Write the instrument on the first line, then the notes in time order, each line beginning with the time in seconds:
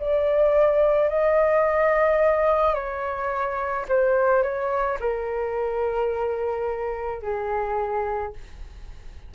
flute
0.00 D5
1.10 D#5
2.75 C#5
3.88 C5
4.43 C#5
5.01 A#4
7.22 G#4